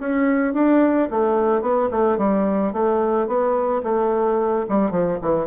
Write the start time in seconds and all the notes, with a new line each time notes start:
0.00 C#4
0.54 D4
1.11 A3
1.62 B3
1.91 A3
2.18 G3
2.73 A3
3.28 B3
3.84 A3
4.69 G3
4.91 F3
5.22 E3